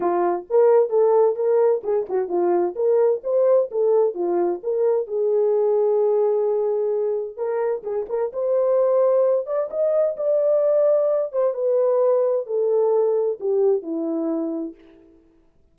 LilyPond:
\new Staff \with { instrumentName = "horn" } { \time 4/4 \tempo 4 = 130 f'4 ais'4 a'4 ais'4 | gis'8 fis'8 f'4 ais'4 c''4 | a'4 f'4 ais'4 gis'4~ | gis'1 |
ais'4 gis'8 ais'8 c''2~ | c''8 d''8 dis''4 d''2~ | d''8 c''8 b'2 a'4~ | a'4 g'4 e'2 | }